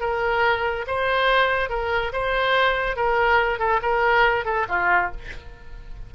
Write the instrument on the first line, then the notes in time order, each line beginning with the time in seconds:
oboe
0.00 A#4
0.87 C5
1.69 A#4
2.12 C5
2.96 A#4
3.59 A4
3.82 A#4
4.45 A4
4.68 F4